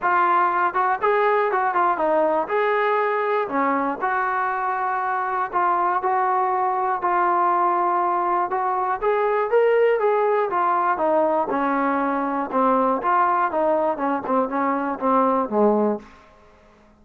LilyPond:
\new Staff \with { instrumentName = "trombone" } { \time 4/4 \tempo 4 = 120 f'4. fis'8 gis'4 fis'8 f'8 | dis'4 gis'2 cis'4 | fis'2. f'4 | fis'2 f'2~ |
f'4 fis'4 gis'4 ais'4 | gis'4 f'4 dis'4 cis'4~ | cis'4 c'4 f'4 dis'4 | cis'8 c'8 cis'4 c'4 gis4 | }